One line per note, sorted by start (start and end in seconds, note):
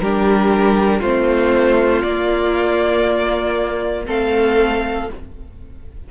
0.00 1.02 G3
0.00 1.04 D4
0.00 1.00 G4
0.00 1.02 A#4
1.00 2.04 A3
1.00 2.05 C4
1.00 4.05 F4
1.00 2.02 C5
2.02 4.08 A#3
2.02 4.07 A#3
2.02 4.05 D5
4.07 5.10 A3
4.07 5.08 C4
4.07 5.09 A4
4.07 5.11 F5